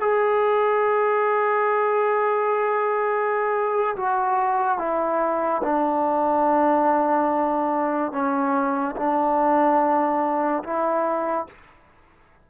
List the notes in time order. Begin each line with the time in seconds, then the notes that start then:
0.00 G#4
3.96 F#4
4.78 E4
5.63 D4
8.12 C#4
8.96 D4
10.63 E4